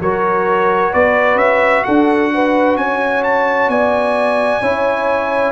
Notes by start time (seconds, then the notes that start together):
0.00 F#3 F#4 A#4 C#5
0.91 B3 B4 D5
1.35 C#4 E5
1.83 D4 A4 F#5
2.34 B4
2.76 C#4 C#5 G#5
3.23 A5
3.68 B3 D5 G#5
4.61 C#4 E4 C#5